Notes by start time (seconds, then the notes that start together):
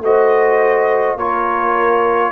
0.00 A3 F#4 C5 D#5
1.15 A#3 F4 A#4 C#5